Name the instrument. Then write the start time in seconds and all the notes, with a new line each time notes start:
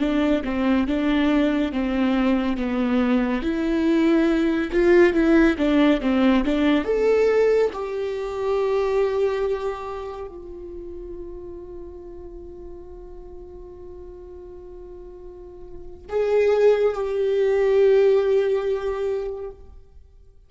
viola
0.00 D4
0.44 C4
0.88 D4
1.73 C4
2.57 B3
3.42 E4
4.72 F4
5.14 E4
5.58 D4
6.01 C4
6.45 D4
6.85 A4
7.73 G4
10.28 F4
16.09 G#4
16.94 G4